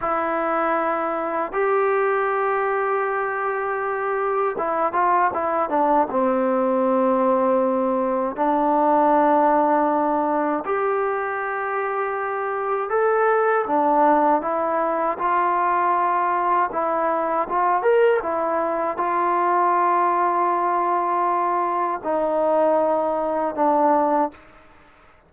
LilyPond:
\new Staff \with { instrumentName = "trombone" } { \time 4/4 \tempo 4 = 79 e'2 g'2~ | g'2 e'8 f'8 e'8 d'8 | c'2. d'4~ | d'2 g'2~ |
g'4 a'4 d'4 e'4 | f'2 e'4 f'8 ais'8 | e'4 f'2.~ | f'4 dis'2 d'4 | }